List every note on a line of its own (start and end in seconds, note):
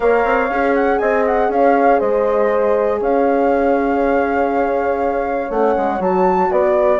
0.00 0.24 A#3
0.00 0.50 A#4
0.00 1.00 C#5
0.00 0.74 F5
0.24 0.49 C4
0.49 0.99 C#4
0.49 5.50 G#4
0.74 0.98 F#5
0.98 1.49 C4
0.98 1.50 D#5
0.98 1.23 G#5
1.26 1.51 F#5
1.49 1.99 C#4
1.49 1.99 C#5
1.49 1.99 F5
1.99 3.00 G#3
1.99 2.99 C5
1.99 2.99 D#5
3.00 5.50 C#4
3.00 6.50 C#5
3.00 5.51 F5
5.50 5.75 A3
5.50 5.99 C#4
5.50 6.01 F#5
5.77 5.99 G#3
5.99 6.49 F#3
5.99 6.99 F#4
5.99 6.51 A5
6.50 6.99 B3
6.50 6.99 B4
6.50 6.99 D5